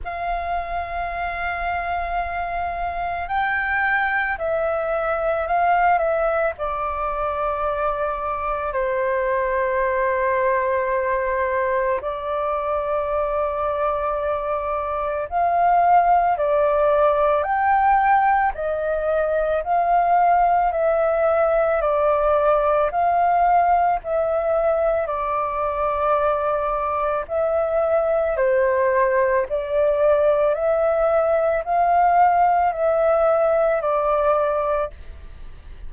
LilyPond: \new Staff \with { instrumentName = "flute" } { \time 4/4 \tempo 4 = 55 f''2. g''4 | e''4 f''8 e''8 d''2 | c''2. d''4~ | d''2 f''4 d''4 |
g''4 dis''4 f''4 e''4 | d''4 f''4 e''4 d''4~ | d''4 e''4 c''4 d''4 | e''4 f''4 e''4 d''4 | }